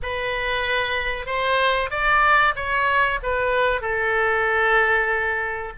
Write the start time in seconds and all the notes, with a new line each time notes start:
0.02 B4
1.26 C5
1.90 D5
2.55 C#5
3.22 B4
3.81 A4